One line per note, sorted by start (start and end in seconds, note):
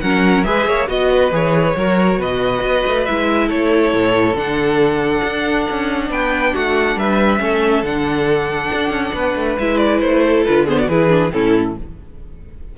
0.00 0.45 F#3
0.00 0.45 C#4
0.00 0.46 A#4
0.00 0.43 F#5
0.43 0.66 G#3
0.43 0.87 G#4
0.43 0.67 B4
0.43 0.87 E5
0.66 0.88 A#3
0.66 0.89 C#5
0.87 1.31 B3
0.87 1.30 F#4
0.87 1.33 D#5
0.87 1.11 D#5
1.11 1.76 B4
1.31 1.75 E3
1.31 1.75 G#4
1.31 2.21 C#5
1.75 2.18 F#3
1.75 3.08 F#4
1.75 2.18 A#4
2.18 2.61 B2
2.18 3.46 B4
2.18 3.05 D#5
2.61 2.83 B3
2.87 3.08 A3
3.05 3.50 G#3
3.05 4.36 E4
3.05 3.49 E5
3.46 3.93 A3
3.46 6.07 A4
3.46 4.36 C#5
3.93 4.34 A2
4.34 5.21 D3
4.34 7.38 D4
4.34 6.11 F#5
5.23 5.66 D4
5.70 6.10 C#4
6.10 6.53 B3
6.10 6.53 B4
6.10 6.55 G5
6.53 6.96 A3
6.53 6.96 F#4
6.53 6.98 F#5
6.96 7.39 G3
6.96 7.40 B4
6.96 7.84 E5
7.38 7.82 A3
7.38 7.82 C#4
7.38 9.15 A4
7.82 8.69 D3
7.82 9.60 D4
7.82 9.58 F#5
8.72 8.90 D4
8.90 9.12 C#4
9.13 9.35 B3
9.13 10.23 B4
9.35 9.57 A3
9.59 10.02 G#3
9.59 10.47 E4
9.59 9.78 E5
9.78 9.99 D5
10.00 10.45 A3
10.00 10.44 C5
10.23 10.65 A4
10.45 10.87 D3
10.45 10.67 F4
10.45 10.66 B4
10.65 10.88 B3
10.65 10.76 G#4
10.65 10.78 C5
10.78 10.89 F#4
10.78 10.88 D5
10.87 11.30 E3
10.87 11.09 E4
10.87 11.32 G#4
10.87 11.32 B4
11.09 11.31 D4
11.31 11.77 A2
11.31 11.75 C#4
11.31 11.77 E4
11.31 11.76 A4